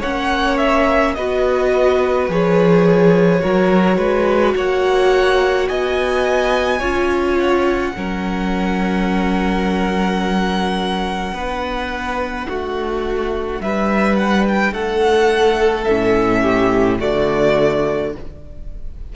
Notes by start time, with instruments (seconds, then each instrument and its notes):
0.00 cello A#3, viola C#4, violin C#5 F#5
0.58 violin E5
1.15 cello B3, viola F#4, violin B4 D#5
2.29 cello F3, viola G#4, violin C#5
3.40 cello F#3, viola F#4, violin A#4
3.98 cello G#3, violin B4
4.56 cello A#3, violin C#5 F#5
5.69 cello B3, violin D#5 G#5
6.79 cello C#4, viola F4, violin C#5
7.39 violin F#5
7.97 cello F#3, viola C#4, violin A#4
11.33 cello B3, viola D4, violin B4
12.49 cello A3, violin F#4
13.60 cello G3, violin B4 E5
14.17 violin F#5
14.49 violin G5
14.72 cello A3, violin A4 F#5
15.85 cello A2, viola C#4, violin E5
16.42 violin G4
16.99 cello D3, viola A3, violin F#4 D5